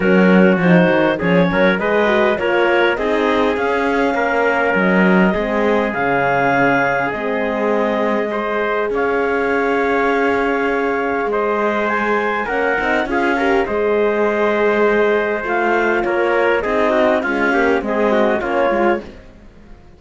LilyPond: <<
  \new Staff \with { instrumentName = "clarinet" } { \time 4/4 \tempo 4 = 101 ais'4 c''4 cis''4 dis''4 | cis''4 dis''4 f''2 | dis''2 f''2 | dis''2. f''4~ |
f''2. dis''4 | gis''4 fis''4 f''4 dis''4~ | dis''2 f''4 cis''4 | dis''4 f''4 dis''4 cis''4 | }
  \new Staff \with { instrumentName = "trumpet" } { \time 4/4 fis'2 gis'8 ais'8 b'4 | ais'4 gis'2 ais'4~ | ais'4 gis'2.~ | gis'2 c''4 cis''4~ |
cis''2. c''4~ | c''4 ais'4 gis'8 ais'8 c''4~ | c''2. ais'4 | gis'8 fis'8 f'8 g'8 gis'8 fis'8 f'4 | }
  \new Staff \with { instrumentName = "horn" } { \time 4/4 cis'4 dis'4 cis'4 gis'8 fis'8 | f'4 dis'4 cis'2~ | cis'4 c'4 cis'2 | c'2 gis'2~ |
gis'1~ | gis'4 cis'8 dis'8 f'8 g'8 gis'4~ | gis'2 f'2 | dis'4 gis8 ais8 c'4 cis'8 f'8 | }
  \new Staff \with { instrumentName = "cello" } { \time 4/4 fis4 f8 dis8 f8 fis8 gis4 | ais4 c'4 cis'4 ais4 | fis4 gis4 cis2 | gis2. cis'4~ |
cis'2. gis4~ | gis4 ais8 c'8 cis'4 gis4~ | gis2 a4 ais4 | c'4 cis'4 gis4 ais8 gis8 | }
>>